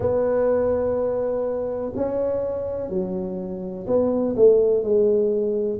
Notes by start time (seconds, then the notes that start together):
0.00 B3
1.95 C#4
2.89 F#3
3.87 B3
4.35 A3
4.83 G#3